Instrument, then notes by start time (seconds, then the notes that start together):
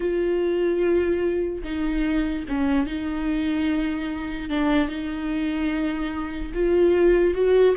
viola
0.00 F4
1.63 D#4
2.48 C#4
2.86 D#4
4.49 D4
4.88 D#4
6.54 F4
7.34 F#4